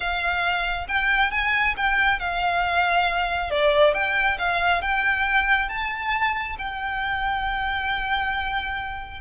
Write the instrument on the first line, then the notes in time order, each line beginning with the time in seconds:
violin
0.00 F5
0.88 G5
1.31 G#5
1.76 G5
2.19 F5
3.50 D5
3.94 G5
4.38 F5
4.81 G5
5.69 A5
6.58 G5